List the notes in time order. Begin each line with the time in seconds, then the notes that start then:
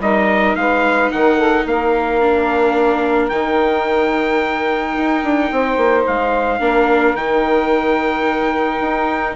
0.00 G3 D#4 A#4 D#5
0.55 G#3 B4 F5
1.11 D#3 A#4 F#5
1.36 A4
1.66 A#3 A#4 F5
2.21 D4
3.29 D#3 D#4 G5
4.97 D#4
5.23 D4
5.51 C4 C5
5.77 A#3
6.06 G#3 F5
6.60 A#3 D4 A#4
7.14 D#3 D#4 G5
8.81 D#4